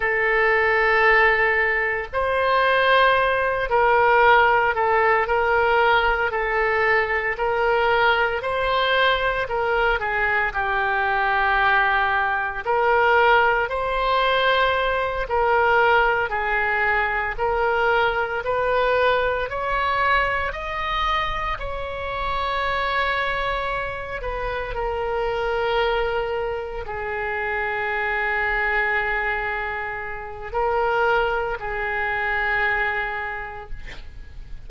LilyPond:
\new Staff \with { instrumentName = "oboe" } { \time 4/4 \tempo 4 = 57 a'2 c''4. ais'8~ | ais'8 a'8 ais'4 a'4 ais'4 | c''4 ais'8 gis'8 g'2 | ais'4 c''4. ais'4 gis'8~ |
gis'8 ais'4 b'4 cis''4 dis''8~ | dis''8 cis''2~ cis''8 b'8 ais'8~ | ais'4. gis'2~ gis'8~ | gis'4 ais'4 gis'2 | }